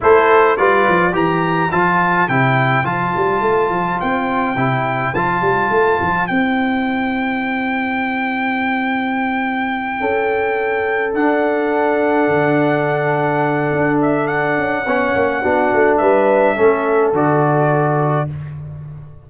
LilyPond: <<
  \new Staff \with { instrumentName = "trumpet" } { \time 4/4 \tempo 4 = 105 c''4 d''4 ais''4 a''4 | g''4 a''2 g''4~ | g''4 a''2 g''4~ | g''1~ |
g''2.~ g''8 fis''8~ | fis''1~ | fis''8 e''8 fis''2. | e''2 d''2 | }
  \new Staff \with { instrumentName = "horn" } { \time 4/4 a'4 b'4 c''2~ | c''1~ | c''1~ | c''1~ |
c''4. a'2~ a'8~ | a'1~ | a'2 cis''4 fis'4 | b'4 a'2. | }
  \new Staff \with { instrumentName = "trombone" } { \time 4/4 e'4 f'4 g'4 f'4 | e'4 f'2. | e'4 f'2 e'4~ | e'1~ |
e'2.~ e'8 d'8~ | d'1~ | d'2 cis'4 d'4~ | d'4 cis'4 fis'2 | }
  \new Staff \with { instrumentName = "tuba" } { \time 4/4 a4 g8 f8 e4 f4 | c4 f8 g8 a8 f8 c'4 | c4 f8 g8 a8 f8 c'4~ | c'1~ |
c'4. cis'2 d'8~ | d'4. d2~ d8 | d'4. cis'8 b8 ais8 b8 a8 | g4 a4 d2 | }
>>